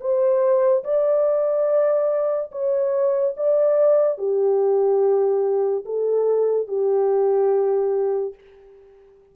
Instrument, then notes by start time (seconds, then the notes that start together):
horn
0.00 C5
0.84 D5
2.52 C#5
3.37 D5
4.18 G4
5.85 A4
6.67 G4